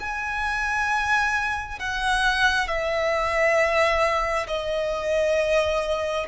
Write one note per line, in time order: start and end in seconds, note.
0.00 1.79 G#5
1.79 2.68 F#5
2.68 4.47 E5
4.47 6.26 D#5